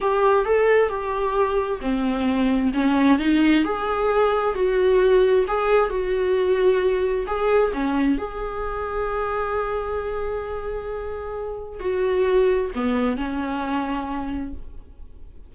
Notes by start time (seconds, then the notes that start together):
0.00 G4
0.45 A4
0.89 G4
1.81 C4
2.73 C#4
3.18 D#4
3.64 G#4
4.55 F#4
5.47 G#4
5.89 F#4
7.26 G#4
7.73 C#4
8.18 G#4
11.79 F#4
12.74 B3
13.16 C#4